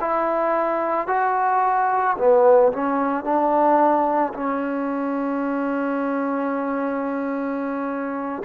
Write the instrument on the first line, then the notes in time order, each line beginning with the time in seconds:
trombone
0.00 E4
1.07 F#4
2.17 B3
2.72 C#4
3.24 D4
4.33 C#4